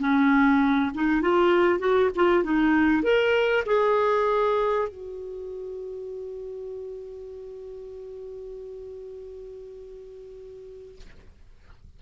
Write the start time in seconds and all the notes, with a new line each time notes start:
0.00 C#4
0.95 D#4
1.22 F4
1.80 F#4
2.16 F4
2.44 D#4
3.03 A#4
3.67 G#4
4.89 F#4